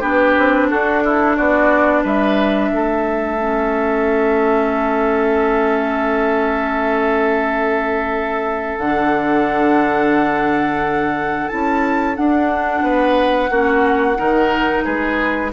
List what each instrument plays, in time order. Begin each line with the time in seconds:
0.00 bassoon B3, clarinet D4, oboe G4, flute B4
0.38 bassoon C4
0.70 bassoon D4, oboe F#4, flute A4
1.05 oboe E4
1.36 bassoon B3, oboe F#4, flute D5
2.03 bassoon G3, oboe B4, flute E5
2.71 bassoon A3, oboe A4
3.40 clarinet C#4
8.79 bassoon D3, clarinet D4, flute F#5
11.48 bassoon C#4, clarinet E4, flute A5
12.15 clarinet D4, bassoon D4, flute F#5
12.82 bassoon B3, oboe B4
13.50 bassoon A#3, clarinet C#4, oboe F#4
14.16 bassoon D#3, clarinet D#4, oboe A#4
14.84 bassoon G#3, oboe G#4, flute B4